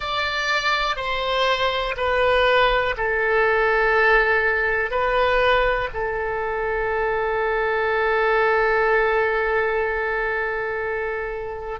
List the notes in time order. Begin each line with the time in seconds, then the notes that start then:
0.00 D5
0.96 C5
1.96 B4
2.97 A4
4.90 B4
5.93 A4